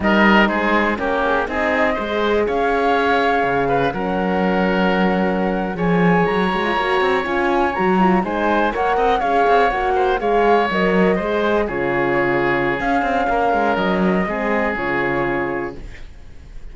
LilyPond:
<<
  \new Staff \with { instrumentName = "flute" } { \time 4/4 \tempo 4 = 122 dis''4 c''4 ais'8 gis'8 dis''4~ | dis''4 f''2. | fis''2.~ fis''8. gis''16~ | gis''8. ais''2 gis''4 ais''16~ |
ais''8. gis''4 fis''4 f''4 fis''16~ | fis''8. f''4 dis''2 cis''16~ | cis''2 f''2 | dis''2 cis''2 | }
  \new Staff \with { instrumentName = "oboe" } { \time 4/4 ais'4 gis'4 g'4 gis'4 | c''4 cis''2~ cis''8 b'8 | ais'2.~ ais'8. cis''16~ | cis''1~ |
cis''8. c''4 cis''8 dis''8 cis''4~ cis''16~ | cis''16 c''8 cis''2 c''4 gis'16~ | gis'2. ais'4~ | ais'4 gis'2. | }
  \new Staff \with { instrumentName = "horn" } { \time 4/4 dis'2 cis'4 dis'4 | gis'1 | cis'2.~ cis'8. gis'16~ | gis'4~ gis'16 fis'16 f'16 fis'4 f'4 fis'16~ |
fis'16 f'8 dis'4 ais'4 gis'4 fis'16~ | fis'8. gis'4 ais'4 gis'4 f'16~ | f'2 cis'2~ | cis'4 c'4 f'2 | }
  \new Staff \with { instrumentName = "cello" } { \time 4/4 g4 gis4 ais4 c'4 | gis4 cis'2 cis4 | fis2.~ fis8. f16~ | f8. fis8 gis8 ais8 c'8 cis'4 fis16~ |
fis8. gis4 ais8 c'8 cis'8 c'8 ais16~ | ais8. gis4 fis4 gis4 cis16~ | cis2 cis'8 c'8 ais8 gis8 | fis4 gis4 cis2 | }
>>